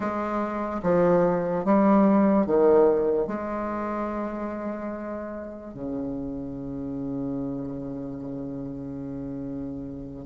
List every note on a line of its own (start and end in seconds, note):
0.00 0.81 G#3
0.82 1.64 F3
1.64 2.46 G3
2.46 3.27 D#3
3.27 5.73 G#3
5.73 10.25 C#3